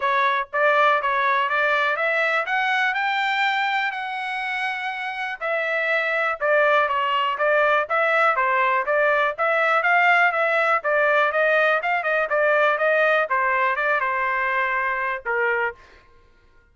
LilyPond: \new Staff \with { instrumentName = "trumpet" } { \time 4/4 \tempo 4 = 122 cis''4 d''4 cis''4 d''4 | e''4 fis''4 g''2 | fis''2. e''4~ | e''4 d''4 cis''4 d''4 |
e''4 c''4 d''4 e''4 | f''4 e''4 d''4 dis''4 | f''8 dis''8 d''4 dis''4 c''4 | d''8 c''2~ c''8 ais'4 | }